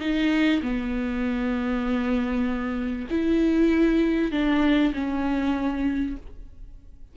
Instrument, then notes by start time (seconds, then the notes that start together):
viola
0.00 D#4
0.63 B3
3.11 E4
4.32 D4
4.94 C#4